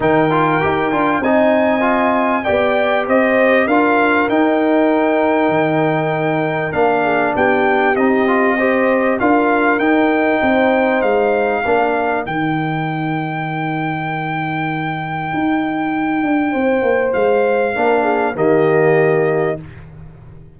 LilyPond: <<
  \new Staff \with { instrumentName = "trumpet" } { \time 4/4 \tempo 4 = 98 g''2 gis''2 | g''4 dis''4 f''4 g''4~ | g''2. f''4 | g''4 dis''2 f''4 |
g''2 f''2 | g''1~ | g''1 | f''2 dis''2 | }
  \new Staff \with { instrumentName = "horn" } { \time 4/4 ais'2 dis''2 | d''4 c''4 ais'2~ | ais'2.~ ais'8 gis'8 | g'2 c''4 ais'4~ |
ais'4 c''2 ais'4~ | ais'1~ | ais'2. c''4~ | c''4 ais'8 gis'8 g'2 | }
  \new Staff \with { instrumentName = "trombone" } { \time 4/4 dis'8 f'8 g'8 f'8 dis'4 f'4 | g'2 f'4 dis'4~ | dis'2. d'4~ | d'4 dis'8 f'8 g'4 f'4 |
dis'2. d'4 | dis'1~ | dis'1~ | dis'4 d'4 ais2 | }
  \new Staff \with { instrumentName = "tuba" } { \time 4/4 dis4 dis'8 d'8 c'2 | b4 c'4 d'4 dis'4~ | dis'4 dis2 ais4 | b4 c'2 d'4 |
dis'4 c'4 gis4 ais4 | dis1~ | dis4 dis'4. d'8 c'8 ais8 | gis4 ais4 dis2 | }
>>